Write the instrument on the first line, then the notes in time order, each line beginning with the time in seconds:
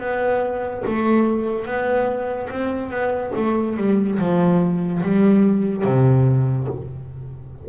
double bass
0.00 B3
0.86 A3
1.66 B3
2.50 C4
2.91 B3
3.36 A3
3.77 G3
4.19 F3
5.03 G3
5.84 C3